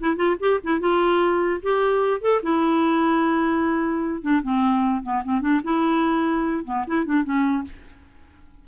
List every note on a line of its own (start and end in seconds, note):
0.00 0.16 E4
0.16 0.36 F4
0.39 0.59 G4
0.63 0.80 E4
0.80 1.61 F4
1.62 2.21 G4
2.21 2.41 A4
2.42 4.21 E4
4.21 4.41 D4
4.42 5.02 C4
5.02 5.23 B3
5.24 5.41 C4
5.41 5.61 D4
5.63 6.64 E4
6.64 6.85 B3
6.87 7.05 E4
7.05 7.23 D4
7.23 7.64 C#4